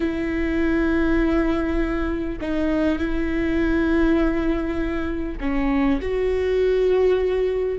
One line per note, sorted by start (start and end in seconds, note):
0.00 2.39 E4
2.41 2.98 D#4
2.98 5.38 E4
5.40 6.00 C#4
6.01 7.78 F#4